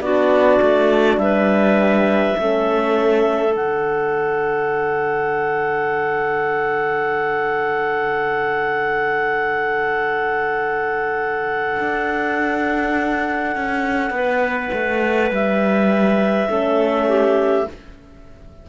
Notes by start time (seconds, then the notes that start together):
0.00 B3 D4 F#4 D5
0.61 A3
1.17 G3 B4 E5
2.38 A3 C#4 A4
3.52 D3 D4 F#5
11.79 D4
13.55 C#4
14.10 B3 B4
14.72 A3
15.30 G3 E5
16.48 A3 C#4 A4
17.08 G4